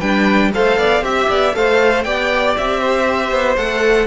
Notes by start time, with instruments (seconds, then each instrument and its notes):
0.00 cello G3, viola D4, violin B4 G5
0.54 cello A3, viola A4, violin C5 F5
0.76 cello B3, violin D5
1.01 cello C4, viola G4, violin E5
1.29 cello B3, violin D5
1.54 cello A3, viola A4, violin C5 F5
2.03 cello B3, viola G4, violin D5 G5
2.58 cello C4, violin E5
2.80 violin C5
3.31 cello B3
3.56 cello A3, viola A4, violin F#5